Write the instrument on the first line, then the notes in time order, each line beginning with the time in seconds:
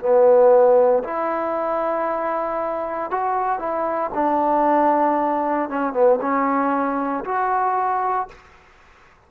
trombone
0.00 B3
1.04 E4
3.11 F#4
3.59 E4
4.14 D4
5.70 C#4
5.93 B3
6.21 C#4
7.25 F#4